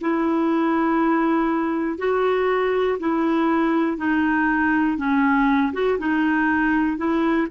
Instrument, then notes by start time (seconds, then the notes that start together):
clarinet
0.00 E4
1.98 F#4
2.99 E4
3.97 D#4
4.97 C#4
5.73 F#4
5.99 D#4
6.97 E4